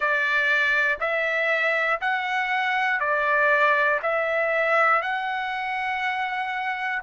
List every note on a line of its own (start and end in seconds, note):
0.00 0.98 D5
1.00 2.00 E5
2.00 3.00 F#5
3.00 4.00 D5
4.02 5.01 E5
5.01 7.01 F#5